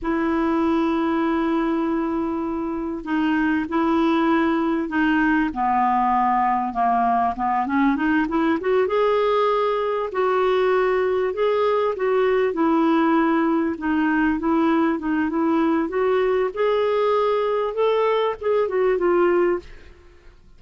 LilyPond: \new Staff \with { instrumentName = "clarinet" } { \time 4/4 \tempo 4 = 98 e'1~ | e'4 dis'4 e'2 | dis'4 b2 ais4 | b8 cis'8 dis'8 e'8 fis'8 gis'4.~ |
gis'8 fis'2 gis'4 fis'8~ | fis'8 e'2 dis'4 e'8~ | e'8 dis'8 e'4 fis'4 gis'4~ | gis'4 a'4 gis'8 fis'8 f'4 | }